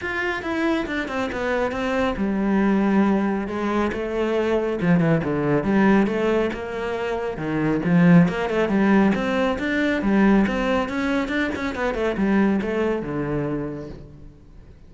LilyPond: \new Staff \with { instrumentName = "cello" } { \time 4/4 \tempo 4 = 138 f'4 e'4 d'8 c'8 b4 | c'4 g2. | gis4 a2 f8 e8 | d4 g4 a4 ais4~ |
ais4 dis4 f4 ais8 a8 | g4 c'4 d'4 g4 | c'4 cis'4 d'8 cis'8 b8 a8 | g4 a4 d2 | }